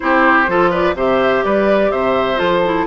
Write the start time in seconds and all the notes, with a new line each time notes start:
0.00 C4 E4 G4 C5
0.47 F3 F4 A4
0.70 B4 D5
0.95 C3 G4 C5 E5
1.44 G3 B4 D5
1.91 C3 C5 E5
2.36 F3 F4 A4
2.65 E4